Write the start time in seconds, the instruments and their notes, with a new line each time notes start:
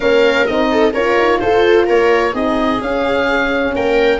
0.00 tuba A#3, horn C#4, viola A#4, oboe F5
0.46 tuba C4, horn D#4, oboe D#5
0.71 viola A4
0.93 tuba C#4, horn F4, viola A#4, oboe C#5
1.17 tuba D#4
1.39 tuba F4, viola A4, oboe C5
1.86 tuba A#3, viola A#4, oboe C#5
2.33 tuba C4, horn D#4, viola G#4, oboe D#5
2.80 tuba C#4, horn C#4, oboe F5
3.75 tuba A#3, viola A#4, oboe G5